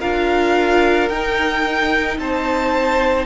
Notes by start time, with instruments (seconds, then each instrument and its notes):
0.00 cello D4, viola F4, violin A#4 F5
1.10 cello D#4, viola D#4, violin G5
2.19 cello C4, violin C5 A5